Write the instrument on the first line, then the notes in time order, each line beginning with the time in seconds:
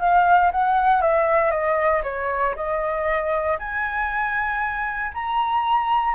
flute
0.00 F5
0.52 F#5
1.02 E5
1.51 D#5
2.04 C#5
2.56 D#5
3.59 G#5
5.14 A#5